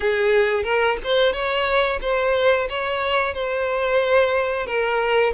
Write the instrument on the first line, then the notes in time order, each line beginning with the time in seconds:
violin
0.00 G#4
0.63 A#4
1.03 C5
1.32 C#5
2.01 C5
2.69 C#5
3.33 C5
4.66 A#4